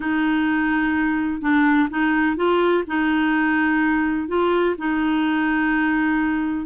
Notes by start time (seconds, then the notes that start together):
0.00 D#4
1.41 D4
1.90 D#4
2.36 F4
2.87 D#4
4.28 F4
4.77 D#4